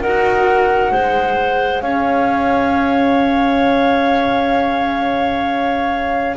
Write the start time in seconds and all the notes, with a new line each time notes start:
0.00 D#4 F#4 A#4 F#5
0.91 G#3 G#4 C5
1.81 C#4 C#5 F5